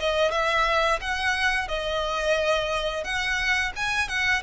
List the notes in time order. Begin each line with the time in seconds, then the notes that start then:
0.00 D#5
0.32 E5
1.01 F#5
1.69 D#5
3.05 F#5
3.76 G#5
4.09 F#5